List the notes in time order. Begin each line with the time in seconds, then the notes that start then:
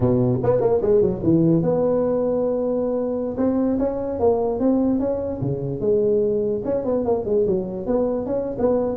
0.00 B2
0.43 B3
0.60 A#3
0.81 G#3
1.01 F#3
1.23 E3
1.62 B3
3.37 C4
3.78 C#4
4.19 A#3
4.59 C4
4.99 C#4
5.41 C#3
5.80 G#3
6.64 C#4
6.85 B3
7.05 A#3
7.25 G#3
7.47 F#3
7.86 B3
8.26 C#4
8.58 B3